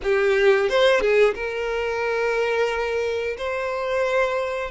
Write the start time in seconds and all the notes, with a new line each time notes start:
0.02 G4
0.69 C5
1.00 G#4
1.34 A#4
3.37 C5